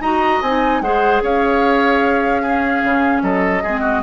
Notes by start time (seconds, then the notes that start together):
0.00 D#4 F#4 D#5 A#5
0.42 C4 D#4 G#5
0.81 G#3 G#4 C5 F#5
1.22 C#4 C#5 F5
2.42 C#4 G#4
2.84 C#3
3.22 F#3 A4 D#5
3.63 G#3 C4 G#4
3.81 F#4